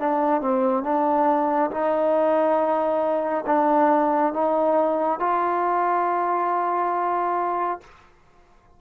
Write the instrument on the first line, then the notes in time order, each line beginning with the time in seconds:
trombone
0.00 D4
0.42 C4
0.84 D4
1.71 D#4
3.47 D4
4.34 D#4
5.20 F4